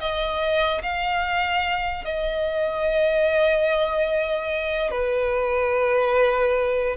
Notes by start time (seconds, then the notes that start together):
0.00 D#5
0.83 F5
2.05 D#5
4.91 B4